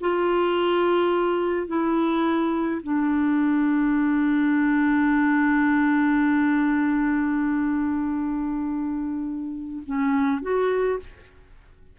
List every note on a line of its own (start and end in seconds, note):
0.00 1.67 F4
1.67 2.81 E4
2.83 9.83 D4
9.85 10.42 C#4
10.42 10.99 F#4